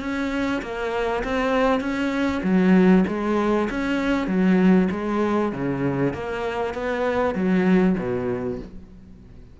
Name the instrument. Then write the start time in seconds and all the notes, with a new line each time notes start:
cello
0.00 C#4
0.62 A#3
1.24 C4
1.80 C#4
2.43 F#3
3.07 G#3
3.70 C#4
4.27 F#3
4.91 G#3
5.52 C#3
6.14 A#3
6.74 B3
7.35 F#3
7.98 B2